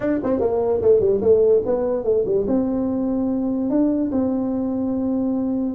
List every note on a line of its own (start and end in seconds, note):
0.00 0.19 D4
0.23 0.40 C4
0.40 0.81 A#3
0.81 1.00 A3
1.00 1.20 G3
1.21 1.62 A3
1.65 2.04 B3
2.04 2.24 A3
2.25 2.46 G3
2.47 3.69 C4
3.69 4.11 D4
4.11 5.74 C4